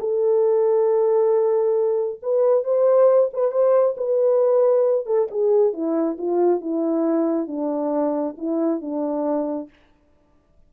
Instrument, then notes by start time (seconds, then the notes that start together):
horn
0.00 A4
2.22 B4
2.64 C5
3.33 B4
3.52 C5
3.97 B4
5.06 A4
5.31 G#4
5.73 E4
6.18 F4
6.61 E4
7.47 D4
8.38 E4
8.81 D4